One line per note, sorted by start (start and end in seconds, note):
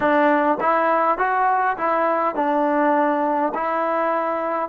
0.00 0.58 D4
0.60 1.18 E4
1.18 1.76 F#4
1.76 2.35 E4
2.35 3.52 D4
3.54 4.68 E4